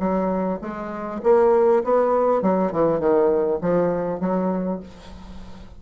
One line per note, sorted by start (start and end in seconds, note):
0.00 0.60 F#3
0.62 1.22 G#3
1.24 1.84 A#3
1.85 2.42 B3
2.42 2.72 F#3
2.72 3.00 E3
3.00 3.60 D#3
3.62 4.21 F3
4.21 4.81 F#3